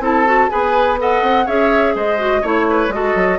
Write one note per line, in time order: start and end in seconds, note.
0.00 0.48 C4
0.00 0.26 E4
0.00 0.50 A4
0.00 0.50 A5
0.26 0.49 F#4
0.49 1.22 B3
0.49 0.97 G#4
0.49 0.99 B4
0.49 0.98 G#5
0.98 1.46 A4
0.98 1.46 D#5
0.98 1.47 F#5
1.22 1.46 C4
1.46 1.95 C#4
1.46 2.18 G#4
1.46 1.94 C#5
1.46 1.95 E5
1.95 2.43 G#3
1.95 2.41 C5
1.95 2.45 D#5
2.18 2.42 F#4
2.41 2.89 A3
2.41 2.91 E4
2.41 2.65 C#5
2.41 2.92 C#5
2.70 2.94 B4
2.89 3.13 G#3
2.89 3.39 F#4
2.89 3.39 D#5
2.95 3.39 A4
3.15 3.39 F#3